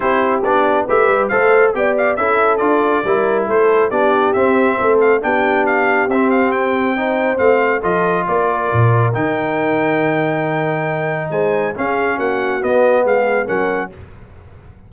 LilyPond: <<
  \new Staff \with { instrumentName = "trumpet" } { \time 4/4 \tempo 4 = 138 c''4 d''4 e''4 f''4 | g''8 f''8 e''4 d''2 | c''4 d''4 e''4. f''8 | g''4 f''4 e''8 f''8 g''4~ |
g''4 f''4 dis''4 d''4~ | d''4 g''2.~ | g''2 gis''4 f''4 | fis''4 dis''4 f''4 fis''4 | }
  \new Staff \with { instrumentName = "horn" } { \time 4/4 g'2 b'4 c''4 | d''4 a'2 ais'4 | a'4 g'2 a'4 | g'1 |
c''2 a'4 ais'4~ | ais'1~ | ais'2 c''4 gis'4 | fis'2 gis'4 ais'4 | }
  \new Staff \with { instrumentName = "trombone" } { \time 4/4 e'4 d'4 g'4 a'4 | g'4 e'4 f'4 e'4~ | e'4 d'4 c'2 | d'2 c'2 |
dis'4 c'4 f'2~ | f'4 dis'2.~ | dis'2. cis'4~ | cis'4 b2 cis'4 | }
  \new Staff \with { instrumentName = "tuba" } { \time 4/4 c'4 b4 a8 g8 a4 | b4 cis'4 d'4 g4 | a4 b4 c'4 a4 | b2 c'2~ |
c'4 a4 f4 ais4 | ais,4 dis2.~ | dis2 gis4 cis'4 | ais4 b4 gis4 fis4 | }
>>